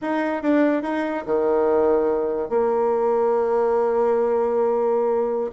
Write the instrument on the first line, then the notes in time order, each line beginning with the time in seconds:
bassoon
0.01 D#4
0.42 D4
0.82 D#4
1.25 D#3
2.49 A#3